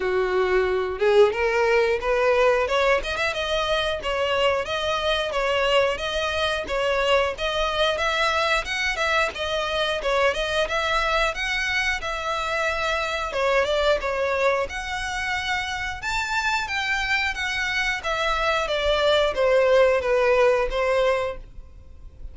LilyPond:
\new Staff \with { instrumentName = "violin" } { \time 4/4 \tempo 4 = 90 fis'4. gis'8 ais'4 b'4 | cis''8 dis''16 e''16 dis''4 cis''4 dis''4 | cis''4 dis''4 cis''4 dis''4 | e''4 fis''8 e''8 dis''4 cis''8 dis''8 |
e''4 fis''4 e''2 | cis''8 d''8 cis''4 fis''2 | a''4 g''4 fis''4 e''4 | d''4 c''4 b'4 c''4 | }